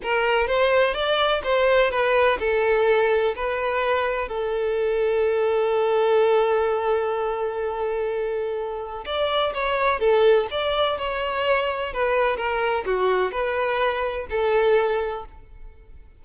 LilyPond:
\new Staff \with { instrumentName = "violin" } { \time 4/4 \tempo 4 = 126 ais'4 c''4 d''4 c''4 | b'4 a'2 b'4~ | b'4 a'2.~ | a'1~ |
a'2. d''4 | cis''4 a'4 d''4 cis''4~ | cis''4 b'4 ais'4 fis'4 | b'2 a'2 | }